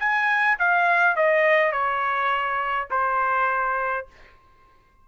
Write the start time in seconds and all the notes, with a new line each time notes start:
0.00 G#5
0.59 F5
1.16 D#5
1.72 C#5
2.90 C5